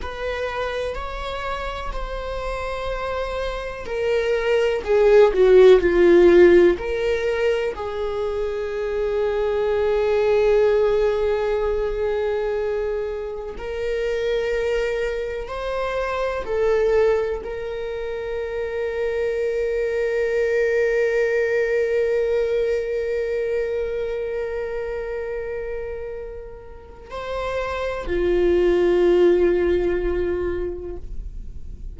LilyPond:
\new Staff \with { instrumentName = "viola" } { \time 4/4 \tempo 4 = 62 b'4 cis''4 c''2 | ais'4 gis'8 fis'8 f'4 ais'4 | gis'1~ | gis'2 ais'2 |
c''4 a'4 ais'2~ | ais'1~ | ais'1 | c''4 f'2. | }